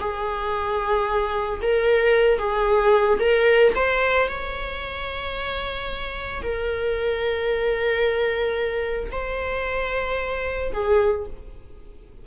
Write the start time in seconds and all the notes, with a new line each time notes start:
0.00 G#4
1.62 A#4
2.39 G#4
3.20 A#4
3.75 C5
4.29 C#5
6.43 A#4
9.12 C5
10.73 G#4